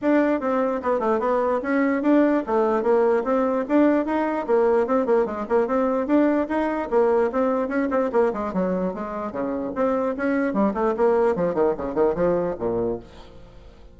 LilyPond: \new Staff \with { instrumentName = "bassoon" } { \time 4/4 \tempo 4 = 148 d'4 c'4 b8 a8 b4 | cis'4 d'4 a4 ais4 | c'4 d'4 dis'4 ais4 | c'8 ais8 gis8 ais8 c'4 d'4 |
dis'4 ais4 c'4 cis'8 c'8 | ais8 gis8 fis4 gis4 cis4 | c'4 cis'4 g8 a8 ais4 | f8 dis8 cis8 dis8 f4 ais,4 | }